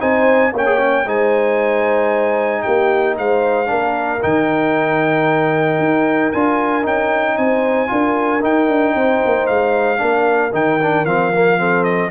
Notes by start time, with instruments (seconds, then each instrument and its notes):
0.00 tuba C4, trombone D#4, horn C5, trumpet G#5
0.53 tuba A#3, trombone C#4, horn C#5, trumpet G5
0.67 trombone G#4
0.78 trombone C#4
1.06 tuba G#3, trombone D#4, horn C5, trumpet G#5
2.63 tuba A#3, horn G4, trumpet G5
3.18 tuba G#3, horn C5, trumpet F5
3.66 tuba A#3, trombone D4, horn A#4
4.23 tuba D#3, trombone D#4, trumpet G5
5.79 tuba D#4
6.33 tuba D4, trombone F4, trumpet G#5
6.83 tuba C#4, trombone D#4, trumpet G5
7.38 tuba C4, horn C5, trumpet G#5
7.88 tuba D4, trombone F4, horn A#4
8.42 trombone D#4, tuba D#4, trumpet G5
8.69 tuba D4
8.95 tuba C4, horn C5
9.26 tuba A#3
9.47 tuba G#3, trumpet F5
9.98 tuba A#3, trombone D4, horn A#4
10.53 tuba D#3, trombone D#4, trumpet G5
10.83 trombone D4
11.05 tuba F3, trombone C4, trumpet F5
11.34 trombone A#3
11.58 trombone C4, horn A4
11.84 trumpet D#5